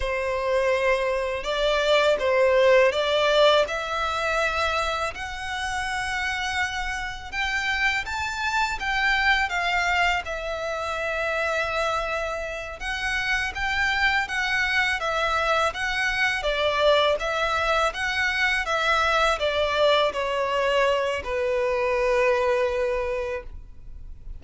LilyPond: \new Staff \with { instrumentName = "violin" } { \time 4/4 \tempo 4 = 82 c''2 d''4 c''4 | d''4 e''2 fis''4~ | fis''2 g''4 a''4 | g''4 f''4 e''2~ |
e''4. fis''4 g''4 fis''8~ | fis''8 e''4 fis''4 d''4 e''8~ | e''8 fis''4 e''4 d''4 cis''8~ | cis''4 b'2. | }